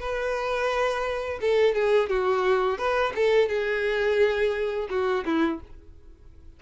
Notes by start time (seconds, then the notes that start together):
0.00 B4
1.41 A4
1.75 G#4
2.10 F#4
2.78 B4
3.16 A4
3.49 G#4
4.90 F#4
5.25 E4